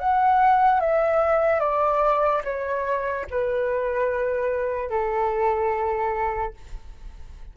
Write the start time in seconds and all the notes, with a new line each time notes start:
0.00 F#5
0.81 E5
1.60 D5
2.45 C#5
3.31 B4
4.90 A4